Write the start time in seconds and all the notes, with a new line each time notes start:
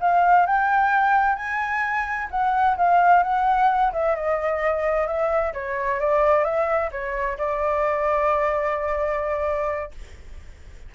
0.00 F5
0.46 G5
1.35 G#5
2.30 F#5
2.77 F5
3.23 F#5
3.92 E5
4.15 D#5
5.06 E5
5.53 C#5
5.99 D5
6.44 E5
6.91 C#5
7.37 D5